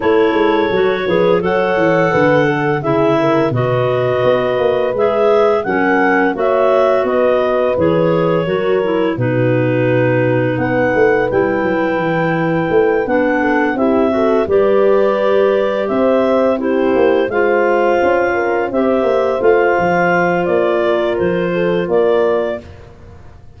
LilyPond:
<<
  \new Staff \with { instrumentName = "clarinet" } { \time 4/4 \tempo 4 = 85 cis''2 fis''2 | e''4 dis''2 e''4 | fis''4 e''4 dis''4 cis''4~ | cis''4 b'2 fis''4 |
g''2~ g''8 fis''4 e''8~ | e''8 d''2 e''4 c''8~ | c''8 f''2 e''4 f''8~ | f''4 d''4 c''4 d''4 | }
  \new Staff \with { instrumentName = "horn" } { \time 4/4 a'4. b'8 cis''4 b'8 a'8 | gis'8 ais'8 b'2. | ais'4 cis''4 b'2 | ais'4 fis'2 b'4~ |
b'2. a'8 g'8 | a'8 b'2 c''4 g'8~ | g'8 c''4. ais'8 c''4.~ | c''4. ais'4 a'8 ais'4 | }
  \new Staff \with { instrumentName = "clarinet" } { \time 4/4 e'4 fis'8 gis'8 a'2 | e'4 fis'2 gis'4 | cis'4 fis'2 gis'4 | fis'8 e'8 dis'2. |
e'2~ e'8 d'4 e'8 | fis'8 g'2. e'8~ | e'8 f'2 g'4 f'8~ | f'1 | }
  \new Staff \with { instrumentName = "tuba" } { \time 4/4 a8 gis8 fis8 f8 fis8 e8 d4 | cis4 b,4 b8 ais8 gis4 | fis4 ais4 b4 e4 | fis4 b,2 b8 a8 |
g8 fis8 e4 a8 b4 c'8~ | c'8 g2 c'4. | ais8 gis4 cis'4 c'8 ais8 a8 | f4 ais4 f4 ais4 | }
>>